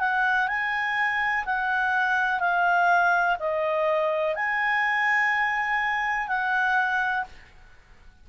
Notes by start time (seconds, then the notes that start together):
0.00 F#5
0.48 G#5
1.46 F#5
2.40 F5
3.40 D#5
4.36 G#5
6.29 F#5